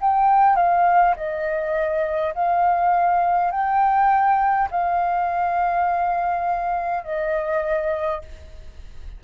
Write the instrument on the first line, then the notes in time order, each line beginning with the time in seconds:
flute
0.00 G5
0.56 F5
1.16 D#5
2.34 F5
3.51 G5
4.71 F5
7.04 D#5